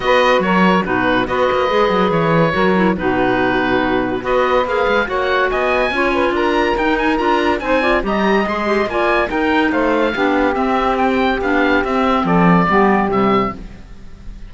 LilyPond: <<
  \new Staff \with { instrumentName = "oboe" } { \time 4/4 \tempo 4 = 142 dis''4 cis''4 b'4 dis''4~ | dis''4 cis''2 b'4~ | b'2 dis''4 f''4 | fis''4 gis''2 ais''4 |
g''8 gis''8 ais''4 gis''4 ais''4 | c'''4 gis''4 g''4 f''4~ | f''4 e''4 g''4 f''4 | e''4 d''2 e''4 | }
  \new Staff \with { instrumentName = "saxophone" } { \time 4/4 b'4 ais'4 fis'4 b'4~ | b'2 ais'4 fis'4~ | fis'2 b'2 | cis''4 dis''4 cis''8 b'8 ais'4~ |
ais'2 c''8 d''8 dis''4~ | dis''4 d''4 ais'4 c''4 | g'1~ | g'4 a'4 g'2 | }
  \new Staff \with { instrumentName = "clarinet" } { \time 4/4 fis'2 dis'4 fis'4 | gis'2 fis'8 e'8 dis'4~ | dis'2 fis'4 gis'4 | fis'2 f'2 |
dis'4 f'4 dis'8 f'8 g'4 | gis'8 g'8 f'4 dis'2 | d'4 c'2 d'4 | c'2 b4 g4 | }
  \new Staff \with { instrumentName = "cello" } { \time 4/4 b4 fis4 b,4 b8 ais8 | gis8 fis8 e4 fis4 b,4~ | b,2 b4 ais8 gis8 | ais4 b4 cis'4 d'4 |
dis'4 d'4 c'4 g4 | gis4 ais4 dis'4 a4 | b4 c'2 b4 | c'4 f4 g4 c4 | }
>>